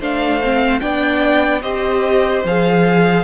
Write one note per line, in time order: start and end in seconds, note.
0.00 0.81 A3
0.00 0.42 D4
0.00 0.81 C5
0.00 0.80 F5
0.44 0.81 C4
0.80 1.64 B3
0.80 1.62 D4
0.80 1.62 D5
0.80 1.61 G5
1.62 2.44 C4
1.62 2.44 G4
1.62 3.24 C5
1.62 2.43 D#5
2.44 3.24 F3
2.44 3.24 G#4
2.44 3.24 F5